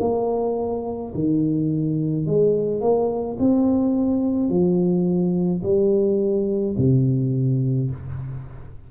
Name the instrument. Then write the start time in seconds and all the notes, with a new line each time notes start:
tuba
0.00 A#3
1.15 D#3
2.26 G#3
2.81 A#3
3.40 C4
4.50 F3
5.63 G3
6.78 C3